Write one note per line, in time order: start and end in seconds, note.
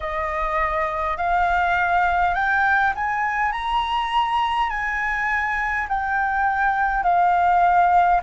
0.00 1.17 D#5
1.17 2.34 F5
2.34 2.93 G5
2.95 3.51 G#5
3.51 4.69 A#5
4.69 5.87 G#5
5.88 7.03 G5
7.03 8.21 F5